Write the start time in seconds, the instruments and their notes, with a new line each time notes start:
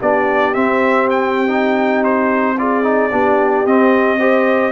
0.00 tuba B3, trombone D4, horn G4, trumpet D5
0.54 trombone C4, tuba C4, trumpet E5
1.10 trumpet G5
1.48 trombone D#4
2.04 trumpet C5
2.59 trombone F4, horn G#4, trumpet D5
2.84 trombone D#4
3.12 tuba B3, trombone D4, horn G4
3.66 trombone C4, tuba C4, trumpet D#5
4.19 trombone G4, horn C5